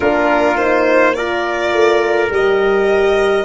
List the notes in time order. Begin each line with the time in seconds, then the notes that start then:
0.00 A#3 D4 F4 A#4
0.57 D#4 C5
1.14 F4 A#4 D5
1.72 A3
2.30 G3 G4 D#5